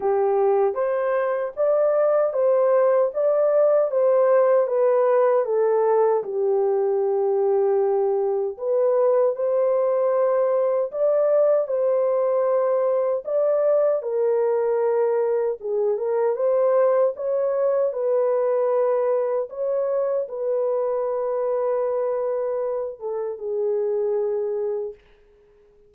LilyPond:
\new Staff \with { instrumentName = "horn" } { \time 4/4 \tempo 4 = 77 g'4 c''4 d''4 c''4 | d''4 c''4 b'4 a'4 | g'2. b'4 | c''2 d''4 c''4~ |
c''4 d''4 ais'2 | gis'8 ais'8 c''4 cis''4 b'4~ | b'4 cis''4 b'2~ | b'4. a'8 gis'2 | }